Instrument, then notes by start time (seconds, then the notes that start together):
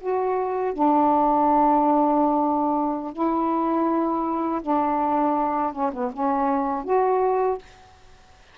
saxophone
0.00 F#4
0.73 D4
3.13 E4
4.62 D4
5.72 C#4
5.93 B3
6.13 C#4
6.84 F#4